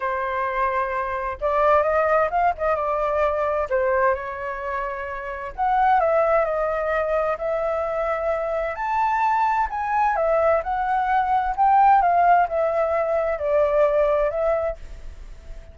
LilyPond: \new Staff \with { instrumentName = "flute" } { \time 4/4 \tempo 4 = 130 c''2. d''4 | dis''4 f''8 dis''8 d''2 | c''4 cis''2. | fis''4 e''4 dis''2 |
e''2. a''4~ | a''4 gis''4 e''4 fis''4~ | fis''4 g''4 f''4 e''4~ | e''4 d''2 e''4 | }